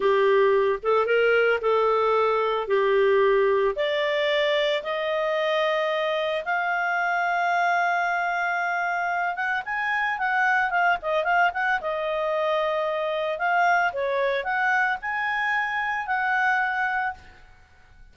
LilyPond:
\new Staff \with { instrumentName = "clarinet" } { \time 4/4 \tempo 4 = 112 g'4. a'8 ais'4 a'4~ | a'4 g'2 d''4~ | d''4 dis''2. | f''1~ |
f''4. fis''8 gis''4 fis''4 | f''8 dis''8 f''8 fis''8 dis''2~ | dis''4 f''4 cis''4 fis''4 | gis''2 fis''2 | }